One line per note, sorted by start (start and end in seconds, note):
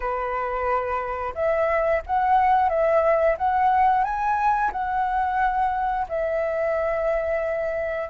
0.00 1.34 B4
1.35 2.02 E5
2.06 2.69 F#5
2.69 3.36 E5
3.37 4.04 F#5
4.04 4.71 G#5
4.72 6.06 F#5
6.09 8.09 E5